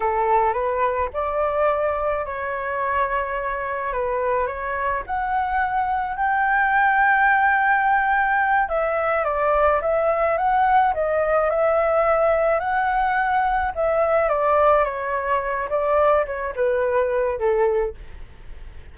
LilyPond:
\new Staff \with { instrumentName = "flute" } { \time 4/4 \tempo 4 = 107 a'4 b'4 d''2 | cis''2. b'4 | cis''4 fis''2 g''4~ | g''2.~ g''8 e''8~ |
e''8 d''4 e''4 fis''4 dis''8~ | dis''8 e''2 fis''4.~ | fis''8 e''4 d''4 cis''4. | d''4 cis''8 b'4. a'4 | }